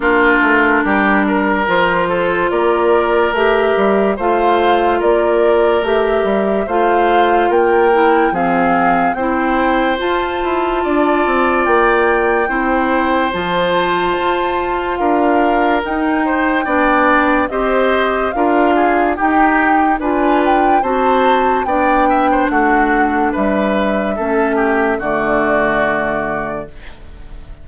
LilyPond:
<<
  \new Staff \with { instrumentName = "flute" } { \time 4/4 \tempo 4 = 72 ais'2 c''4 d''4 | e''4 f''4 d''4 e''4 | f''4 g''4 f''4 g''4 | a''2 g''2 |
a''2 f''4 g''4~ | g''4 dis''4 f''4 g''4 | gis''8 g''8 a''4 g''4 fis''4 | e''2 d''2 | }
  \new Staff \with { instrumentName = "oboe" } { \time 4/4 f'4 g'8 ais'4 a'8 ais'4~ | ais'4 c''4 ais'2 | c''4 ais'4 gis'4 c''4~ | c''4 d''2 c''4~ |
c''2 ais'4. c''8 | d''4 c''4 ais'8 gis'8 g'4 | b'4 c''4 d''8 e''16 c''16 fis'4 | b'4 a'8 g'8 fis'2 | }
  \new Staff \with { instrumentName = "clarinet" } { \time 4/4 d'2 f'2 | g'4 f'2 g'4 | f'4. e'8 c'4 e'4 | f'2. e'4 |
f'2. dis'4 | d'4 g'4 f'4 dis'4 | f'4 fis'4 d'2~ | d'4 cis'4 a2 | }
  \new Staff \with { instrumentName = "bassoon" } { \time 4/4 ais8 a8 g4 f4 ais4 | a8 g8 a4 ais4 a8 g8 | a4 ais4 f4 c'4 | f'8 e'8 d'8 c'8 ais4 c'4 |
f4 f'4 d'4 dis'4 | b4 c'4 d'4 dis'4 | d'4 c'4 b4 a4 | g4 a4 d2 | }
>>